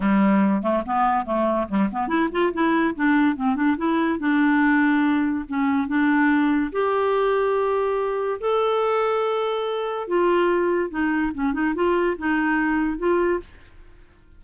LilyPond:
\new Staff \with { instrumentName = "clarinet" } { \time 4/4 \tempo 4 = 143 g4. a8 b4 a4 | g8 b8 e'8 f'8 e'4 d'4 | c'8 d'8 e'4 d'2~ | d'4 cis'4 d'2 |
g'1 | a'1 | f'2 dis'4 cis'8 dis'8 | f'4 dis'2 f'4 | }